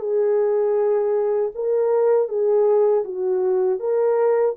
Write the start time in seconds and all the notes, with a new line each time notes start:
0.00 G#4
1.55 A#4
2.29 G#4
3.05 F#4
3.80 A#4